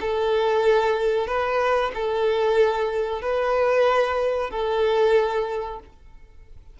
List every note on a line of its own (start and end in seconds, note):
0.00 1.27 A4
1.27 1.91 B4
1.94 3.21 A4
3.21 4.50 B4
4.50 5.79 A4